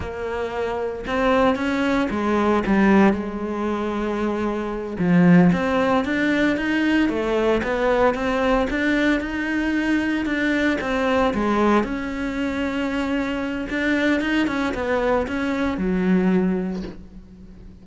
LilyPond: \new Staff \with { instrumentName = "cello" } { \time 4/4 \tempo 4 = 114 ais2 c'4 cis'4 | gis4 g4 gis2~ | gis4. f4 c'4 d'8~ | d'8 dis'4 a4 b4 c'8~ |
c'8 d'4 dis'2 d'8~ | d'8 c'4 gis4 cis'4.~ | cis'2 d'4 dis'8 cis'8 | b4 cis'4 fis2 | }